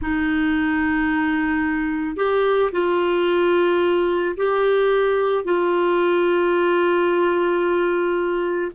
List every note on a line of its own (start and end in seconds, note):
0.01 2.16 D#4
2.16 2.70 G4
2.72 4.35 F4
4.36 5.44 G4
5.44 8.71 F4